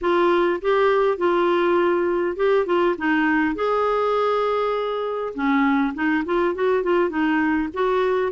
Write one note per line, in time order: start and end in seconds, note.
0.01 0.60 F4
0.61 1.17 G4
1.17 2.36 F4
2.36 2.66 G4
2.66 2.95 F4
2.98 3.55 D#4
3.55 5.33 G#4
5.34 5.93 C#4
5.94 6.24 D#4
6.25 6.55 F4
6.55 6.83 F#4
6.83 7.09 F4
7.09 7.68 D#4
7.73 8.32 F#4